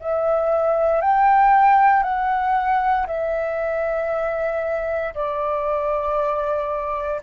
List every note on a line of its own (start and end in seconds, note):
0.00 1.01 E5
1.01 2.03 G5
2.03 3.07 F#5
3.07 5.14 E5
5.14 7.21 D5